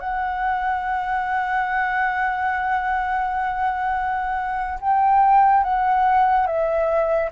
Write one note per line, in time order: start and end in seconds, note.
0.00 4.79 F#5
4.81 5.64 G5
5.64 6.47 F#5
6.47 7.30 E5